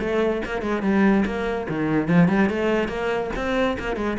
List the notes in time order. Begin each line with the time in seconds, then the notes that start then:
0.00 A3
0.45 A#3
0.62 G#3
0.82 G3
1.25 A#3
1.69 D#3
2.08 F3
2.28 G3
2.49 A3
2.88 A#3
3.36 C4
3.79 A#3
3.96 G#3